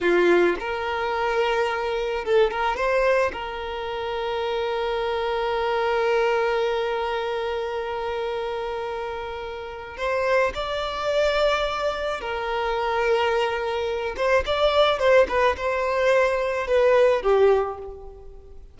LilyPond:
\new Staff \with { instrumentName = "violin" } { \time 4/4 \tempo 4 = 108 f'4 ais'2. | a'8 ais'8 c''4 ais'2~ | ais'1~ | ais'1~ |
ais'2 c''4 d''4~ | d''2 ais'2~ | ais'4. c''8 d''4 c''8 b'8 | c''2 b'4 g'4 | }